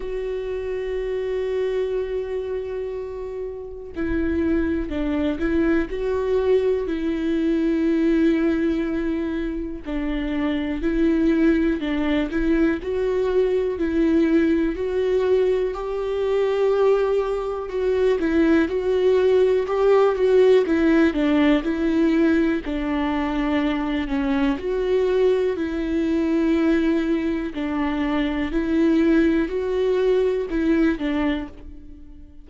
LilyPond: \new Staff \with { instrumentName = "viola" } { \time 4/4 \tempo 4 = 61 fis'1 | e'4 d'8 e'8 fis'4 e'4~ | e'2 d'4 e'4 | d'8 e'8 fis'4 e'4 fis'4 |
g'2 fis'8 e'8 fis'4 | g'8 fis'8 e'8 d'8 e'4 d'4~ | d'8 cis'8 fis'4 e'2 | d'4 e'4 fis'4 e'8 d'8 | }